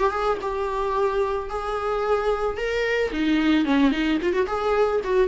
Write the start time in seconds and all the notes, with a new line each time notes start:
0.00 G4
0.11 G#4
0.42 G4
1.50 G#4
2.57 A#4
3.13 D#4
3.65 C#4
3.91 D#4
4.23 F4
4.33 F#4
4.47 G#4
5.04 F#4